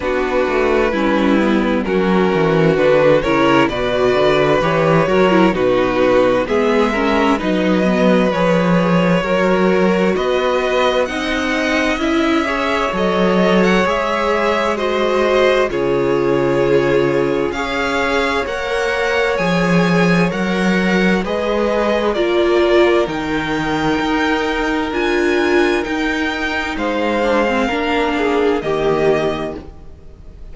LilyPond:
<<
  \new Staff \with { instrumentName = "violin" } { \time 4/4 \tempo 4 = 65 b'2 ais'4 b'8 cis''8 | d''4 cis''4 b'4 e''4 | dis''4 cis''2 dis''4 | fis''4 e''4 dis''8. fis''16 e''4 |
dis''4 cis''2 f''4 | fis''4 gis''4 fis''4 dis''4 | d''4 g''2 gis''4 | g''4 f''2 dis''4 | }
  \new Staff \with { instrumentName = "violin" } { \time 4/4 fis'4 e'4 fis'4. ais'8 | b'4. ais'8 fis'4 gis'8 ais'8 | b'2 ais'4 b'4 | dis''4. cis''2~ cis''8 |
c''4 gis'2 cis''4~ | cis''2. b'4 | ais'1~ | ais'4 c''4 ais'8 gis'8 g'4 | }
  \new Staff \with { instrumentName = "viola" } { \time 4/4 d'4 cis'8 b8 cis'4 d'8 e'8 | fis'4 g'8 fis'16 e'16 dis'4 b8 cis'8 | dis'8 b8 gis'4 fis'2 | dis'4 e'8 gis'8 a'4 gis'4 |
fis'4 f'2 gis'4 | ais'4 gis'4 ais'4 gis'4 | f'4 dis'2 f'4 | dis'4. d'16 c'16 d'4 ais4 | }
  \new Staff \with { instrumentName = "cello" } { \time 4/4 b8 a8 g4 fis8 e8 d8 cis8 | b,8 d8 e8 fis8 b,4 gis4 | fis4 f4 fis4 b4 | c'4 cis'4 fis4 gis4~ |
gis4 cis2 cis'4 | ais4 f4 fis4 gis4 | ais4 dis4 dis'4 d'4 | dis'4 gis4 ais4 dis4 | }
>>